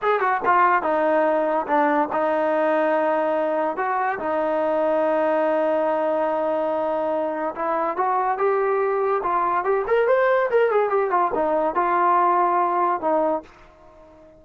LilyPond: \new Staff \with { instrumentName = "trombone" } { \time 4/4 \tempo 4 = 143 gis'8 fis'8 f'4 dis'2 | d'4 dis'2.~ | dis'4 fis'4 dis'2~ | dis'1~ |
dis'2 e'4 fis'4 | g'2 f'4 g'8 ais'8 | c''4 ais'8 gis'8 g'8 f'8 dis'4 | f'2. dis'4 | }